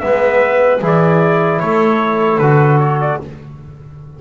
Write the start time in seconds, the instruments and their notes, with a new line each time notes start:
0.00 double bass G#3, trombone B3, clarinet B4, trumpet E5
0.82 double bass E3, trombone E4, clarinet G#4, trumpet D5
1.60 double bass A3, clarinet A4, trumpet C#5
2.38 double bass D3, trombone F#4, trumpet B4
2.80 trumpet C#5
3.01 trumpet D5